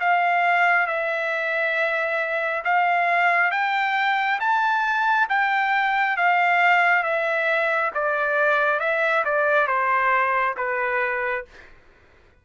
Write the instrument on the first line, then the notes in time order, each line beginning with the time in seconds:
trumpet
0.00 F5
0.87 E5
2.64 F5
3.51 G5
4.40 A5
5.29 G5
6.16 F5
7.03 E5
7.95 D5
8.80 E5
9.25 D5
9.67 C5
10.57 B4